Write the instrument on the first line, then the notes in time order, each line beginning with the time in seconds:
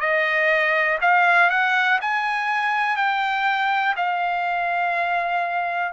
trumpet
0.00 D#5
1.01 F5
1.50 F#5
2.01 G#5
2.96 G5
3.96 F5